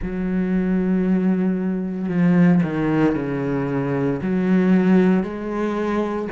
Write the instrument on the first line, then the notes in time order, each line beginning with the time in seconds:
cello
0.02 F#3
2.09 F3
2.63 D#3
3.15 C#3
4.22 F#3
5.23 G#3